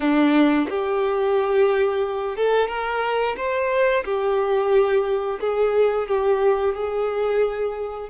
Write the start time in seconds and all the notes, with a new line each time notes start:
0.00 D4
0.69 G4
2.36 A4
2.68 A#4
3.36 C5
4.04 G4
5.40 G#4
6.07 G4
6.74 G#4